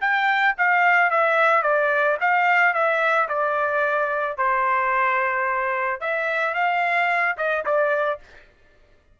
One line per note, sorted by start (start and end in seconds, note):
0.00 0.55 G5
0.57 1.10 F5
1.10 1.62 E5
1.62 2.17 D5
2.20 2.73 F5
2.73 3.28 E5
3.28 4.37 D5
4.37 6.00 C5
6.00 6.54 E5
6.54 7.35 F5
7.37 7.64 D#5
7.65 8.20 D5